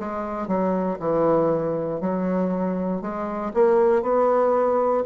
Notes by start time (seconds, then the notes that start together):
0.00 G#3
0.48 F#3
1.00 E3
2.01 F#3
3.02 G#3
3.55 A#3
4.03 B3